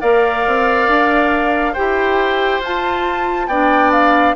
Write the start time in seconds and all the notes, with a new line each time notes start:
0.00 A#3 A#4 D5 F5
0.47 C4
0.87 D4
1.73 E4 G4 C5 G5
2.60 F4 A5
3.47 B3 D4 D5 G5
3.91 F5